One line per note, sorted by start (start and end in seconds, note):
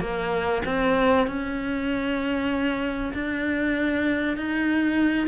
0.00 0.62 A#3
0.65 1.27 C4
1.27 3.12 C#4
3.13 4.37 D4
4.37 5.27 D#4